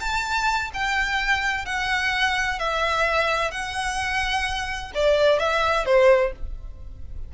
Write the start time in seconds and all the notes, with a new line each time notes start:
0.00 A5
0.73 G5
1.65 F#5
2.58 E5
3.51 F#5
4.94 D5
5.38 E5
5.85 C5